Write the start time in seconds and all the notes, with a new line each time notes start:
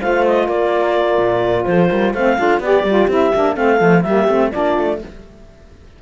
0.00 A3 F4 C5 F5
0.27 D#5
0.47 A#3 A#4 D5
1.19 A#2
1.65 F3 A4 C5
1.90 G3 A#4
2.13 A3 C4 C5 F5
2.39 D4 F4 A4
2.60 B3 G4 D5
2.84 G3 F4
3.08 C4 E4 E5
3.34 A#3 D4
3.56 A3 C4 A4 F5
3.79 F3 A3
4.02 G3 A#3 G4 E5
4.29 A3 C4
4.52 A#3 D4 F4 D5
4.78 A3